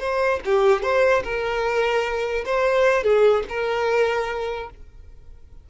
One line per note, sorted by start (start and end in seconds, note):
0.00 0.40 C5
0.45 0.83 G4
0.83 1.23 C5
1.24 2.45 A#4
2.46 3.04 C5
3.04 3.44 G#4
3.49 4.70 A#4